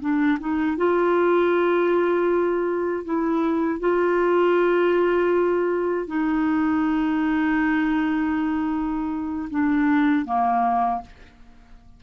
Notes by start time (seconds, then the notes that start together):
0.00 D4
0.40 D#4
0.77 F4
3.04 E4
3.79 F4
6.07 D#4
9.50 D4
10.25 A#3